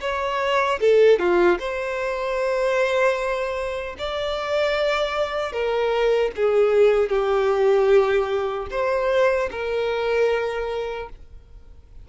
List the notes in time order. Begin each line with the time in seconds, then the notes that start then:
0.00 C#5
0.80 A4
1.19 F4
1.59 C5
3.98 D5
5.52 A#4
6.36 G#4
7.09 G4
8.70 C5
9.51 A#4